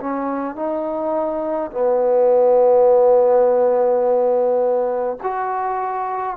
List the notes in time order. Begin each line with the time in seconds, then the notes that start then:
0.00 C#4
0.56 D#4
1.71 B3
5.23 F#4